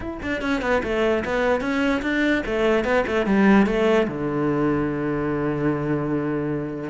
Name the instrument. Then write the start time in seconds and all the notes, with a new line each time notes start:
cello
0.00 E4
0.22 D4
0.41 C#4
0.61 B3
0.83 A3
1.24 B3
1.60 C#4
2.01 D4
2.45 A3
2.84 B3
3.06 A3
3.26 G3
3.66 A3
4.07 D3